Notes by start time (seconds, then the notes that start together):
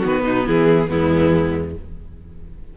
0.00 D#3 B3 F#4
0.07 B4
0.23 B2 D#4
0.47 E3 E4 G#4
0.88 E2 G#3 B3 E4